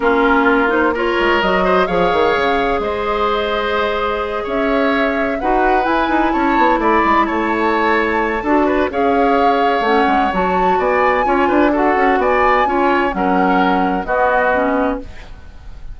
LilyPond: <<
  \new Staff \with { instrumentName = "flute" } { \time 4/4 \tempo 4 = 128 ais'4. c''8 cis''4 dis''4 | f''2 dis''2~ | dis''4. e''2 fis''8~ | fis''8 gis''4 a''4 b''4 a''8~ |
a''2. f''4~ | f''4 fis''4 a''4 gis''4~ | gis''4 fis''4 gis''2 | fis''2 dis''2 | }
  \new Staff \with { instrumentName = "oboe" } { \time 4/4 f'2 ais'4. c''8 | cis''2 c''2~ | c''4. cis''2 b'8~ | b'4. cis''4 d''4 cis''8~ |
cis''2 a'8 b'8 cis''4~ | cis''2. d''4 | cis''8 b'8 a'4 d''4 cis''4 | ais'2 fis'2 | }
  \new Staff \with { instrumentName = "clarinet" } { \time 4/4 cis'4. dis'8 f'4 fis'4 | gis'1~ | gis'2.~ gis'8 fis'8~ | fis'8 e'2.~ e'8~ |
e'2 fis'4 gis'4~ | gis'4 cis'4 fis'2 | f'4 fis'2 f'4 | cis'2 b4 cis'4 | }
  \new Staff \with { instrumentName = "bassoon" } { \time 4/4 ais2~ ais8 gis8 fis4 | f8 dis8 cis4 gis2~ | gis4. cis'2 dis'8~ | dis'8 e'8 dis'8 cis'8 b8 a8 gis8 a8~ |
a2 d'4 cis'4~ | cis'4 a8 gis8 fis4 b4 | cis'8 d'4 cis'8 b4 cis'4 | fis2 b2 | }
>>